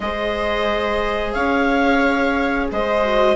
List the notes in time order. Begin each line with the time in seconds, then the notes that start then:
0.00 G#3 G#4 C5 D#5
1.32 C#4 C#5 F5
2.71 G#3 C5 D#5
3.03 F#4